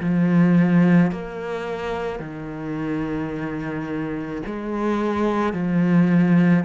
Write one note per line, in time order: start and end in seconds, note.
0.00 1.11 F3
1.11 2.19 A#3
2.19 4.41 D#3
4.45 5.53 G#3
5.53 6.64 F3